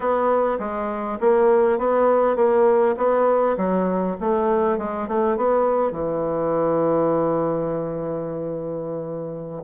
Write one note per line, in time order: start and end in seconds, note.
0.00 0.58 B3
0.59 1.18 G#3
1.20 1.78 A#3
1.78 2.35 B3
2.35 2.95 A#3
2.97 3.56 B3
3.57 4.16 F#3
4.20 4.78 A3
4.78 5.07 G#3
5.08 5.36 A3
5.36 5.91 B3
5.91 9.63 E3